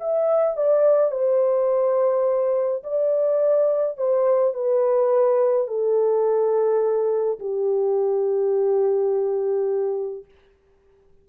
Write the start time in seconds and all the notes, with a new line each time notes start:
0.00 E5
0.57 D5
1.11 C5
2.83 D5
3.97 C5
4.54 B4
5.67 A4
7.39 G4